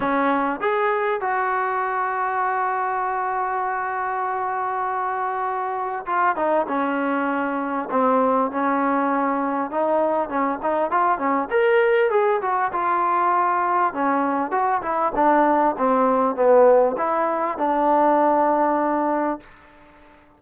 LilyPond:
\new Staff \with { instrumentName = "trombone" } { \time 4/4 \tempo 4 = 99 cis'4 gis'4 fis'2~ | fis'1~ | fis'2 f'8 dis'8 cis'4~ | cis'4 c'4 cis'2 |
dis'4 cis'8 dis'8 f'8 cis'8 ais'4 | gis'8 fis'8 f'2 cis'4 | fis'8 e'8 d'4 c'4 b4 | e'4 d'2. | }